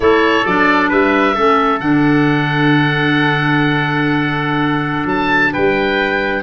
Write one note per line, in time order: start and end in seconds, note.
0.00 0.43 A3
0.00 0.45 E4
0.00 0.89 A4
0.00 0.45 C#5
0.45 0.91 F#3
0.45 1.35 D4
0.45 0.90 D5
0.89 1.36 G3
0.89 1.34 B4
0.89 1.80 E5
1.34 1.80 A3
1.34 1.79 C#4
1.34 5.52 A4
1.79 5.05 D3
1.79 6.42 D4
1.79 5.07 F#5
5.05 5.50 F#3
5.05 5.53 A5
5.53 6.42 G3
5.53 6.42 B4
5.53 6.42 G5